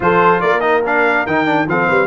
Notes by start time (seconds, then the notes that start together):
0.00 F3 F4 A4 C5
0.40 A#3 A#4 D5
0.60 D#4 D#5
0.85 D4 F5
1.26 D#3 D#4 G5
1.46 D4
1.67 F3 C4 A4 F5
1.87 G3 B4